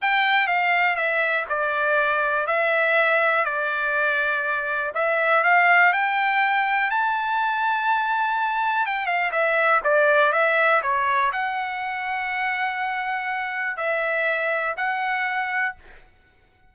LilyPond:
\new Staff \with { instrumentName = "trumpet" } { \time 4/4 \tempo 4 = 122 g''4 f''4 e''4 d''4~ | d''4 e''2 d''4~ | d''2 e''4 f''4 | g''2 a''2~ |
a''2 g''8 f''8 e''4 | d''4 e''4 cis''4 fis''4~ | fis''1 | e''2 fis''2 | }